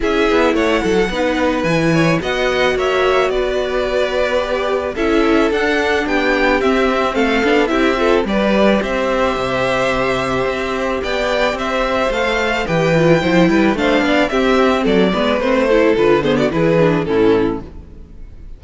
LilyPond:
<<
  \new Staff \with { instrumentName = "violin" } { \time 4/4 \tempo 4 = 109 e''4 fis''2 gis''4 | fis''4 e''4 d''2~ | d''4 e''4 fis''4 g''4 | e''4 f''4 e''4 d''4 |
e''1 | g''4 e''4 f''4 g''4~ | g''4 f''4 e''4 d''4 | c''4 b'8 c''16 d''16 b'4 a'4 | }
  \new Staff \with { instrumentName = "violin" } { \time 4/4 gis'4 cis''8 a'8 b'4. cis''8 | dis''4 cis''4 b'2~ | b'4 a'2 g'4~ | g'4 a'4 g'8 a'8 b'4 |
c''1 | d''4 c''2 b'4 | c''8 b'8 c''8 d''8 g'4 a'8 b'8~ | b'8 a'4 gis'16 fis'16 gis'4 e'4 | }
  \new Staff \with { instrumentName = "viola" } { \time 4/4 e'2 dis'4 e'4 | fis'1 | g'4 e'4 d'2 | c'4. d'8 e'8 f'8 g'4~ |
g'1~ | g'2 a'4 g'8 f'8 | e'4 d'4 c'4. b8 | c'8 e'8 f'8 b8 e'8 d'8 cis'4 | }
  \new Staff \with { instrumentName = "cello" } { \time 4/4 cis'8 b8 a8 fis8 b4 e4 | b4 ais4 b2~ | b4 cis'4 d'4 b4 | c'4 a8 b8 c'4 g4 |
c'4 c2 c'4 | b4 c'4 a4 e4 | f8 g8 a8 b8 c'4 fis8 gis8 | a4 d4 e4 a,4 | }
>>